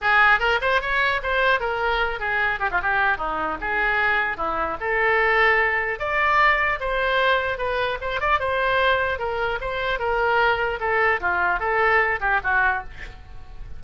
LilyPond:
\new Staff \with { instrumentName = "oboe" } { \time 4/4 \tempo 4 = 150 gis'4 ais'8 c''8 cis''4 c''4 | ais'4. gis'4 g'16 f'16 g'4 | dis'4 gis'2 e'4 | a'2. d''4~ |
d''4 c''2 b'4 | c''8 d''8 c''2 ais'4 | c''4 ais'2 a'4 | f'4 a'4. g'8 fis'4 | }